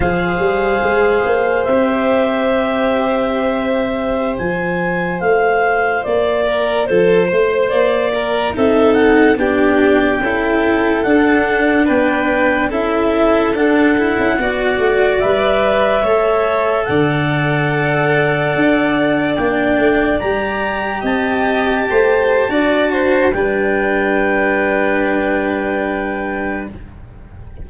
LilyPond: <<
  \new Staff \with { instrumentName = "clarinet" } { \time 4/4 \tempo 4 = 72 f''2 e''2~ | e''4~ e''16 gis''4 f''4 d''8.~ | d''16 c''4 d''4 e''8 fis''8 g''8.~ | g''4~ g''16 fis''4 g''4 e''8.~ |
e''16 fis''2 e''4.~ e''16~ | e''16 fis''2. g''8.~ | g''16 ais''4 a''2~ a''8. | g''1 | }
  \new Staff \with { instrumentName = "violin" } { \time 4/4 c''1~ | c''2.~ c''8. ais'16~ | ais'16 a'8 c''4 ais'8 a'4 g'8.~ | g'16 a'2 b'4 a'8.~ |
a'4~ a'16 d''2 cis''8.~ | cis''16 d''2.~ d''8.~ | d''4~ d''16 dis''4 c''8. d''8 c''8 | b'1 | }
  \new Staff \with { instrumentName = "cello" } { \time 4/4 gis'2 g'2~ | g'4~ g'16 f'2~ f'8.~ | f'2~ f'16 dis'4 d'8.~ | d'16 e'4 d'2 e'8.~ |
e'16 d'8 e'8 fis'4 b'4 a'8.~ | a'2.~ a'16 d'8.~ | d'16 g'2~ g'8. fis'4 | d'1 | }
  \new Staff \with { instrumentName = "tuba" } { \time 4/4 f8 g8 gis8 ais8 c'2~ | c'4~ c'16 f4 a4 ais8.~ | ais16 f8 a8 ais4 c'4 b8.~ | b16 cis'4 d'4 b4 cis'8.~ |
cis'16 d'8. cis'16 b8 a8 g4 a8.~ | a16 d2 d'4 ais8 a16~ | a16 g4 c'4 a8. d'4 | g1 | }
>>